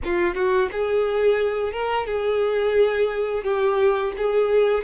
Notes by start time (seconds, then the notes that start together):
0.04 F4
0.34 F#4
0.71 G#4
1.72 A#4
2.06 G#4
3.43 G4
4.17 G#4